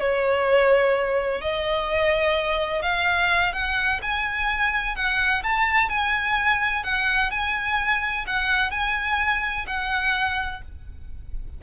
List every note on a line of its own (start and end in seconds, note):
0.00 1.42 C#5
1.42 2.82 D#5
2.82 3.53 F5
3.53 4.00 F#5
4.02 4.96 G#5
4.96 5.43 F#5
5.43 5.89 A5
5.89 6.84 G#5
6.84 7.31 F#5
7.31 8.25 G#5
8.27 8.71 F#5
8.71 9.65 G#5
9.67 10.61 F#5